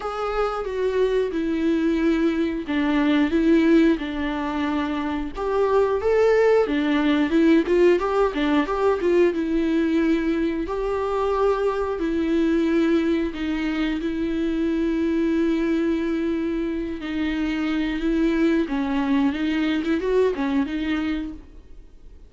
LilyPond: \new Staff \with { instrumentName = "viola" } { \time 4/4 \tempo 4 = 90 gis'4 fis'4 e'2 | d'4 e'4 d'2 | g'4 a'4 d'4 e'8 f'8 | g'8 d'8 g'8 f'8 e'2 |
g'2 e'2 | dis'4 e'2.~ | e'4. dis'4. e'4 | cis'4 dis'8. e'16 fis'8 cis'8 dis'4 | }